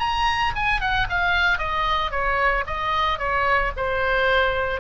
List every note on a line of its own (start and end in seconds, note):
0.00 0.53 A#5
0.56 0.81 G#5
0.81 1.08 F#5
1.10 1.59 F5
1.59 2.11 D#5
2.11 2.65 C#5
2.67 3.19 D#5
3.19 3.72 C#5
3.77 4.81 C5